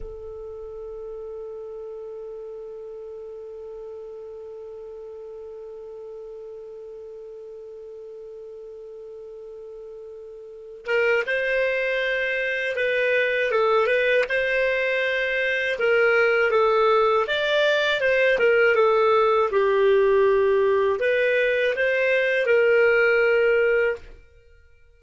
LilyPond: \new Staff \with { instrumentName = "clarinet" } { \time 4/4 \tempo 4 = 80 a'1~ | a'1~ | a'1~ | a'2~ a'8 ais'8 c''4~ |
c''4 b'4 a'8 b'8 c''4~ | c''4 ais'4 a'4 d''4 | c''8 ais'8 a'4 g'2 | b'4 c''4 ais'2 | }